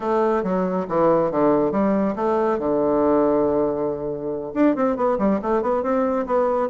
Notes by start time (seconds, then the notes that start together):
0.00 A3
0.43 F#3
0.88 E3
1.31 D3
1.71 G3
2.15 A3
2.58 D3
4.54 D4
4.75 C4
4.96 B3
5.18 G3
5.42 A3
5.62 B3
5.83 C4
6.26 B3